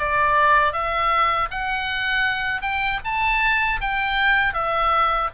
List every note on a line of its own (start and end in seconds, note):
0.00 0.73 D5
0.73 1.49 E5
1.52 2.62 F#5
2.62 3.00 G5
3.05 3.81 A5
3.81 4.54 G5
4.54 5.30 E5